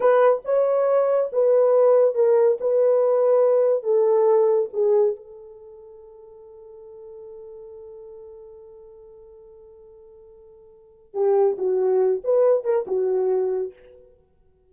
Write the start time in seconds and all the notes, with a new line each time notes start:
0.00 B4
0.44 C#5
1.32 B4
2.14 A#4
2.60 B4
3.83 A4
4.73 G#4
5.16 A4
11.14 G4
11.57 F#4
12.24 B4
12.64 A#4
12.87 F#4